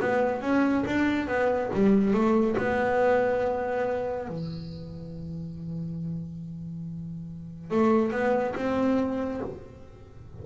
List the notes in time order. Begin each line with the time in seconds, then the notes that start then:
0.00 B3
0.41 C#4
0.86 D4
1.27 B3
1.73 G3
2.13 A3
2.57 B3
4.28 E3
7.70 A3
8.11 B3
8.55 C4